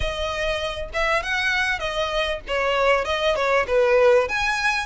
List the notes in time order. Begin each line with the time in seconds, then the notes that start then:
0.00 D#5
0.93 E5
1.22 F#5
1.79 D#5
2.47 C#5
3.04 D#5
3.35 C#5
3.67 B4
4.28 G#5